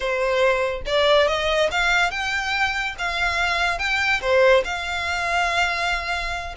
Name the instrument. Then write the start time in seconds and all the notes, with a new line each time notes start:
violin
0.00 C5
0.86 D5
1.27 D#5
1.71 F5
2.10 G5
2.98 F5
3.78 G5
4.21 C5
4.64 F5